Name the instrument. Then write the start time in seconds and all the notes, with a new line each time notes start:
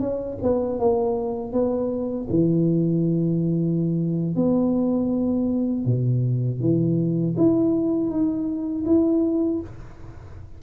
tuba
0.00 C#4
0.43 B3
0.79 A#3
1.52 B3
2.29 E3
4.36 B3
5.85 B2
6.60 E3
7.37 E4
8.10 D#4
8.85 E4